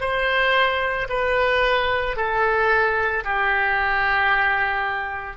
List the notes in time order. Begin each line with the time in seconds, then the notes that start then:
0.00 C5
1.09 B4
2.16 A4
3.24 G4